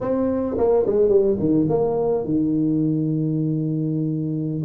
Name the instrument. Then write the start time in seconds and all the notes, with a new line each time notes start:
tuba
0.00 C4
0.57 A#3
0.86 G#3
1.08 G3
1.39 D#3
1.69 A#3
2.24 D#3